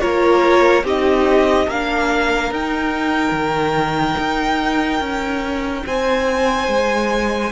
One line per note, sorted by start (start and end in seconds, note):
0.00 0.84 A#3
0.00 0.83 F4
0.00 0.85 A#4
0.00 0.84 C#5
0.84 1.67 C4
0.84 1.68 D#4
0.84 1.67 G4
0.84 1.70 D#5
1.67 2.51 A#3
1.67 2.53 D4
1.67 5.84 A#4
1.67 2.53 F5
2.51 3.32 D#4
2.51 7.52 D#4
2.51 5.86 G5
3.32 4.15 D#3
4.18 5.00 D#4
5.00 5.84 C#4
5.86 6.68 C4
5.86 7.52 C5
5.86 7.52 G#5
6.68 7.51 G#3